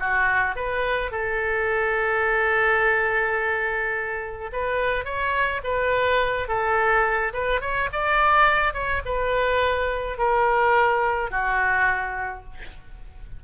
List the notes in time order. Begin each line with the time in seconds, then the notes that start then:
0.00 F#4
0.56 B4
1.12 A4
4.53 B4
5.05 C#5
5.64 B4
6.48 A4
7.34 B4
7.61 C#5
7.93 D5
8.74 C#5
9.06 B4
10.19 A#4
11.31 F#4